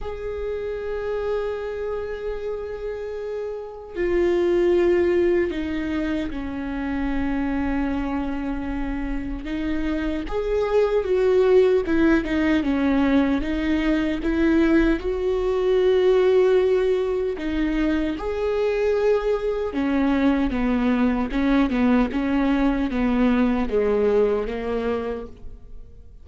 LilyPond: \new Staff \with { instrumentName = "viola" } { \time 4/4 \tempo 4 = 76 gis'1~ | gis'4 f'2 dis'4 | cis'1 | dis'4 gis'4 fis'4 e'8 dis'8 |
cis'4 dis'4 e'4 fis'4~ | fis'2 dis'4 gis'4~ | gis'4 cis'4 b4 cis'8 b8 | cis'4 b4 gis4 ais4 | }